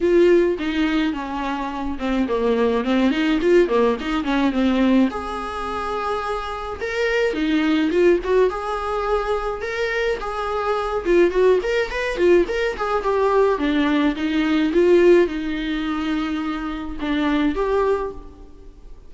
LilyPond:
\new Staff \with { instrumentName = "viola" } { \time 4/4 \tempo 4 = 106 f'4 dis'4 cis'4. c'8 | ais4 c'8 dis'8 f'8 ais8 dis'8 cis'8 | c'4 gis'2. | ais'4 dis'4 f'8 fis'8 gis'4~ |
gis'4 ais'4 gis'4. f'8 | fis'8 ais'8 b'8 f'8 ais'8 gis'8 g'4 | d'4 dis'4 f'4 dis'4~ | dis'2 d'4 g'4 | }